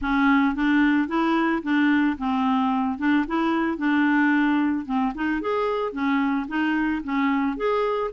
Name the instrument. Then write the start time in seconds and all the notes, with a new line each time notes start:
clarinet
0.01 C#4
0.55 D4
1.08 E4
1.62 D4
2.18 C4
2.98 D4
3.27 E4
3.77 D4
4.85 C4
5.14 D#4
5.41 G#4
5.92 C#4
6.48 D#4
7.03 C#4
7.57 G#4